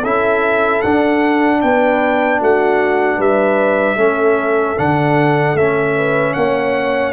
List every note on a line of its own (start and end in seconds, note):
0.00 0.84 C#4
0.00 0.84 E4
0.00 1.58 A4
0.00 0.82 E5
0.82 1.63 D4
0.82 3.97 D4
0.82 1.61 F#5
1.62 2.41 B3
1.62 2.40 B4
1.62 2.40 G5
2.40 3.18 A3
2.40 3.17 F#4
2.40 3.21 F#5
3.17 3.97 G3
3.17 3.96 B4
3.17 4.79 E5
3.97 4.75 A3
3.97 4.76 C#4
3.97 5.94 A4
4.78 5.54 D3
4.78 5.57 D4
4.78 5.57 F#5
5.54 6.33 A3
5.54 7.12 C#4
5.54 6.33 E5
5.96 6.35 B4
6.33 7.12 A#3
6.33 7.12 C#5
6.33 7.12 F#5